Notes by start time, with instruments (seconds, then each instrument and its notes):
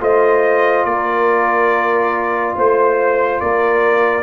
0.00 tuba A3, trombone F4, horn C5, trumpet D#5
0.84 tuba A#3, horn A#4, trumpet D5
2.56 tuba A3, horn C5, trumpet C5
3.40 tuba A#3, horn A#4, trumpet D5